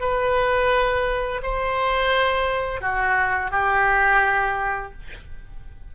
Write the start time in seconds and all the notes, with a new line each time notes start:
0.00 B4
1.43 C5
2.81 F#4
3.51 G4